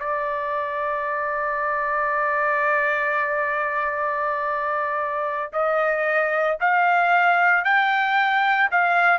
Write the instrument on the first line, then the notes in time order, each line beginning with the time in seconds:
trumpet
0.00 D5
5.53 D#5
6.61 F5
7.65 G5
8.71 F5